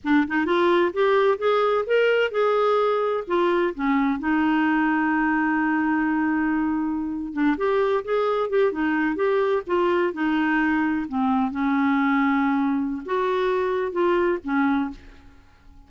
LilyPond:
\new Staff \with { instrumentName = "clarinet" } { \time 4/4 \tempo 4 = 129 d'8 dis'8 f'4 g'4 gis'4 | ais'4 gis'2 f'4 | cis'4 dis'2.~ | dis'2.~ dis'8. d'16~ |
d'16 g'4 gis'4 g'8 dis'4 g'16~ | g'8. f'4 dis'2 c'16~ | c'8. cis'2.~ cis'16 | fis'2 f'4 cis'4 | }